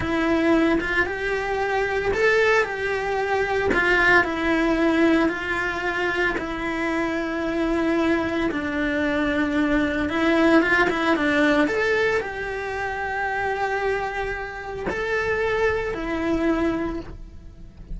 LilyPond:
\new Staff \with { instrumentName = "cello" } { \time 4/4 \tempo 4 = 113 e'4. f'8 g'2 | a'4 g'2 f'4 | e'2 f'2 | e'1 |
d'2. e'4 | f'8 e'8 d'4 a'4 g'4~ | g'1 | a'2 e'2 | }